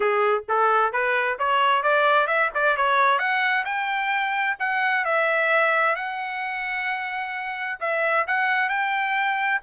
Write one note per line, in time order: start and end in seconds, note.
0.00 0.44 G#4
0.48 0.92 A4
0.92 1.38 B4
1.38 1.82 C#5
1.82 2.27 D5
2.27 2.50 E5
2.54 2.76 D5
2.76 3.18 C#5
3.18 3.64 F#5
3.65 4.56 G5
4.59 5.04 F#5
5.04 5.95 E5
5.95 7.79 F#5
7.80 8.25 E5
8.27 8.69 F#5
8.69 9.61 G5